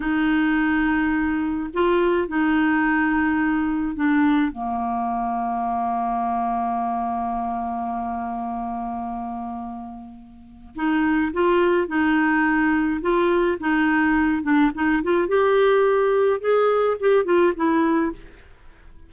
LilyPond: \new Staff \with { instrumentName = "clarinet" } { \time 4/4 \tempo 4 = 106 dis'2. f'4 | dis'2. d'4 | ais1~ | ais1~ |
ais2. dis'4 | f'4 dis'2 f'4 | dis'4. d'8 dis'8 f'8 g'4~ | g'4 gis'4 g'8 f'8 e'4 | }